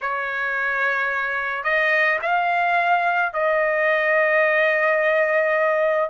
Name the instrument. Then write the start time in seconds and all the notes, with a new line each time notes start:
trumpet
0.01 C#5
1.63 D#5
2.22 F5
3.33 D#5